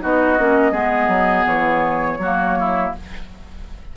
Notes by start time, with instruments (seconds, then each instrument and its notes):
0.00 bassoon B3, clarinet D#4, oboe F#4, flute D#5
0.38 bassoon A#3, clarinet C#4
0.71 bassoon G#3, clarinet B3, oboe G#4
1.07 bassoon F#3
1.45 bassoon E3, flute C#5
2.18 bassoon F#3, clarinet A#3, oboe F#4
2.59 oboe E4